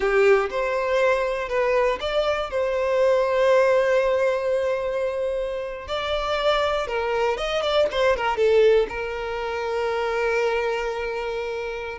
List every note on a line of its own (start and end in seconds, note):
0.00 0.49 G4
0.50 1.49 C5
1.49 1.99 B4
2.00 2.50 D5
2.50 5.87 C5
5.87 6.87 D5
6.87 7.37 A#4
7.37 7.61 D#5
7.61 7.86 D5
7.91 8.16 C5
8.16 8.36 A#4
8.36 8.86 A4
8.88 11.98 A#4